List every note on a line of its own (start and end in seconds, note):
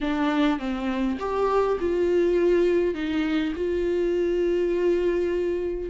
0.00 0.59 D4
0.59 1.18 C4
1.19 1.78 G4
1.80 2.94 F4
2.94 3.53 D#4
3.55 5.90 F4